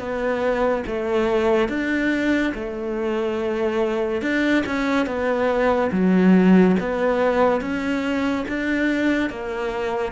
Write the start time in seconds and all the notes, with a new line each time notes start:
0.00 B3
0.87 A3
1.69 D4
2.55 A3
4.22 D4
4.67 C#4
5.07 B3
5.92 F#3
6.80 B3
7.61 C#4
8.49 D4
9.30 A#3